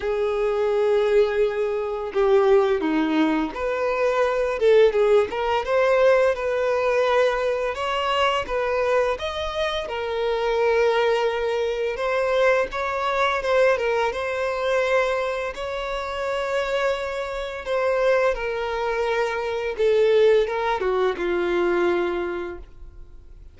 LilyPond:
\new Staff \with { instrumentName = "violin" } { \time 4/4 \tempo 4 = 85 gis'2. g'4 | dis'4 b'4. a'8 gis'8 ais'8 | c''4 b'2 cis''4 | b'4 dis''4 ais'2~ |
ais'4 c''4 cis''4 c''8 ais'8 | c''2 cis''2~ | cis''4 c''4 ais'2 | a'4 ais'8 fis'8 f'2 | }